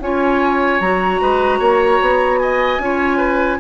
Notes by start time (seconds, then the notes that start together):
0.00 C#4 F4 C#5 G#5
0.80 F#3 F#4 A#5
1.21 G#3 B4
1.59 A#3 C#5
2.01 B3
2.39 D#5 G#5
2.79 C#4 F4 C#5
3.17 B4